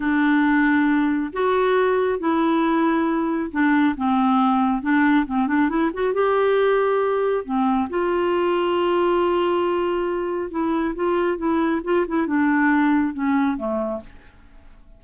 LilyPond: \new Staff \with { instrumentName = "clarinet" } { \time 4/4 \tempo 4 = 137 d'2. fis'4~ | fis'4 e'2. | d'4 c'2 d'4 | c'8 d'8 e'8 fis'8 g'2~ |
g'4 c'4 f'2~ | f'1 | e'4 f'4 e'4 f'8 e'8 | d'2 cis'4 a4 | }